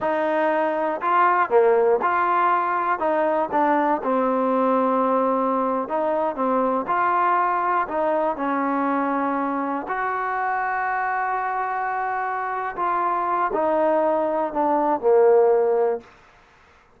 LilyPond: \new Staff \with { instrumentName = "trombone" } { \time 4/4 \tempo 4 = 120 dis'2 f'4 ais4 | f'2 dis'4 d'4 | c'2.~ c'8. dis'16~ | dis'8. c'4 f'2 dis'16~ |
dis'8. cis'2. fis'16~ | fis'1~ | fis'4. f'4. dis'4~ | dis'4 d'4 ais2 | }